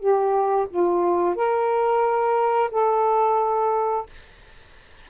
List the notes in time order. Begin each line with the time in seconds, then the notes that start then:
0.00 G4
0.70 F4
1.36 A#4
2.72 A4